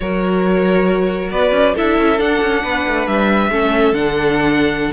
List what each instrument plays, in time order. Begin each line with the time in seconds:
0.00 cello F#3, viola F#4, violin A#4 C#5
1.31 cello B3, violin B4 D5
1.51 cello C#4
1.74 cello D4, viola E4, violin A4 E5
1.97 cello C#4
2.18 viola D4, cello D4, violin F#5
2.41 cello C#4
2.63 cello B3, violin B4
2.87 cello A3
3.07 cello G3, violin E5
3.50 cello A3, viola C#4, violin A4
3.92 cello D3, viola D4, violin F#5